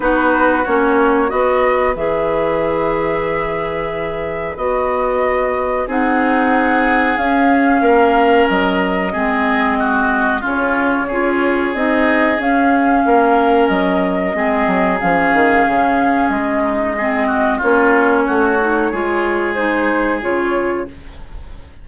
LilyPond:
<<
  \new Staff \with { instrumentName = "flute" } { \time 4/4 \tempo 4 = 92 b'4 cis''4 dis''4 e''4~ | e''2. dis''4~ | dis''4 fis''2 f''4~ | f''4 dis''2. |
cis''2 dis''4 f''4~ | f''4 dis''2 f''4~ | f''4 dis''2 cis''4~ | cis''2 c''4 cis''4 | }
  \new Staff \with { instrumentName = "oboe" } { \time 4/4 fis'2 b'2~ | b'1~ | b'4 gis'2. | ais'2 gis'4 fis'4 |
f'4 gis'2. | ais'2 gis'2~ | gis'4. dis'8 gis'8 fis'8 f'4 | fis'4 gis'2. | }
  \new Staff \with { instrumentName = "clarinet" } { \time 4/4 dis'4 cis'4 fis'4 gis'4~ | gis'2. fis'4~ | fis'4 dis'2 cis'4~ | cis'2 c'2 |
cis'4 f'4 dis'4 cis'4~ | cis'2 c'4 cis'4~ | cis'2 c'4 cis'4~ | cis'8 dis'8 f'4 dis'4 f'4 | }
  \new Staff \with { instrumentName = "bassoon" } { \time 4/4 b4 ais4 b4 e4~ | e2. b4~ | b4 c'2 cis'4 | ais4 fis4 gis2 |
cis4 cis'4 c'4 cis'4 | ais4 fis4 gis8 fis8 f8 dis8 | cis4 gis2 ais4 | a4 gis2 cis4 | }
>>